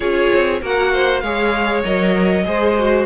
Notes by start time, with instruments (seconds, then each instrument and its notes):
0.00 cello C#4, viola F4, violin G#4 C#5
0.33 cello C4
0.61 cello A#3, viola F#4, violin A#4 F#5
0.92 violin C5
1.20 cello G#3, viola G#4, violin C#5 F5
1.84 cello F#3, viola A#4, violin D#5
2.44 cello G#3, viola G#4, violin C5
2.78 viola F#4